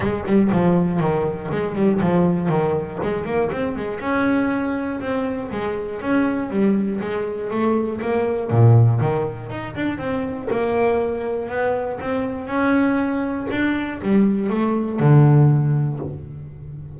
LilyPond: \new Staff \with { instrumentName = "double bass" } { \time 4/4 \tempo 4 = 120 gis8 g8 f4 dis4 gis8 g8 | f4 dis4 gis8 ais8 c'8 gis8 | cis'2 c'4 gis4 | cis'4 g4 gis4 a4 |
ais4 ais,4 dis4 dis'8 d'8 | c'4 ais2 b4 | c'4 cis'2 d'4 | g4 a4 d2 | }